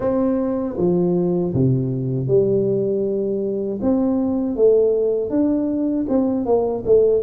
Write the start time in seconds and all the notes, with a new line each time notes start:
0.00 C4
0.77 F3
1.53 C3
2.28 G3
3.81 C4
4.56 A3
5.30 D4
6.08 C4
6.45 A#3
6.85 A3